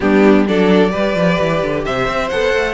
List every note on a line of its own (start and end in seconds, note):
0.00 0.47 G3
0.00 0.46 B3
0.00 0.46 D4
0.00 0.45 G4
0.47 0.94 F#3
0.47 0.89 D4
0.47 0.90 A4
0.47 1.84 D5
0.89 1.14 G3
0.89 2.28 G4
0.89 1.83 B4
1.14 1.37 F3
1.39 1.62 E3
1.62 1.85 D3
1.84 2.07 C3
1.84 2.74 C5
1.84 2.29 E5
2.07 2.30 C4
2.29 2.54 B3
2.29 2.74 A4
2.29 2.74 F#5
2.54 2.74 A3